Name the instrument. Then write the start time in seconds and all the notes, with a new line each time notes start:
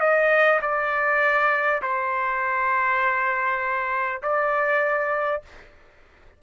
trumpet
0.00 D#5
0.62 D5
1.82 C5
4.23 D5